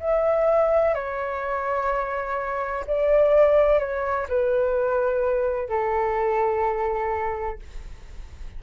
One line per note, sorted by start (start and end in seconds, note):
0.00 0.94 E5
0.94 2.85 C#5
2.87 3.79 D5
3.79 4.26 C#5
4.29 5.69 B4
5.69 7.59 A4